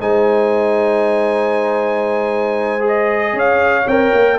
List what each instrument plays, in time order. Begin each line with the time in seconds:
0.00 tuba G#3, trombone D#4, horn C5, trumpet G#5
2.80 trombone G#4
2.87 trumpet D#5
3.33 tuba C#4, horn C#5, trumpet F5
3.87 tuba C4, trombone A#4, trumpet G5
4.14 tuba A#3